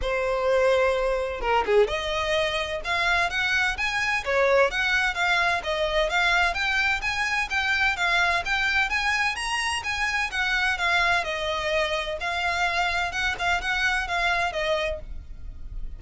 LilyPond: \new Staff \with { instrumentName = "violin" } { \time 4/4 \tempo 4 = 128 c''2. ais'8 gis'8 | dis''2 f''4 fis''4 | gis''4 cis''4 fis''4 f''4 | dis''4 f''4 g''4 gis''4 |
g''4 f''4 g''4 gis''4 | ais''4 gis''4 fis''4 f''4 | dis''2 f''2 | fis''8 f''8 fis''4 f''4 dis''4 | }